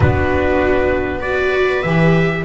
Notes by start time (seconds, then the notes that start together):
0.00 B3 D4 F#4 B4
1.19 F#4 B4 D5
1.82 E3 G4 E5